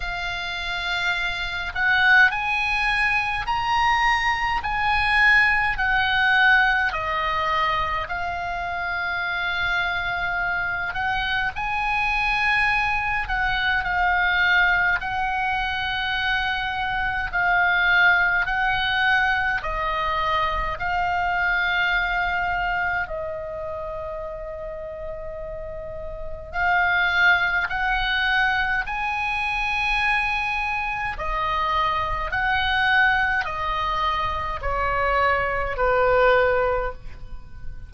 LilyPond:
\new Staff \with { instrumentName = "oboe" } { \time 4/4 \tempo 4 = 52 f''4. fis''8 gis''4 ais''4 | gis''4 fis''4 dis''4 f''4~ | f''4. fis''8 gis''4. fis''8 | f''4 fis''2 f''4 |
fis''4 dis''4 f''2 | dis''2. f''4 | fis''4 gis''2 dis''4 | fis''4 dis''4 cis''4 b'4 | }